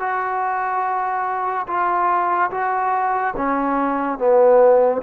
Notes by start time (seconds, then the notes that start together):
0.00 F#4
1.67 F4
2.51 F#4
3.36 C#4
4.19 B3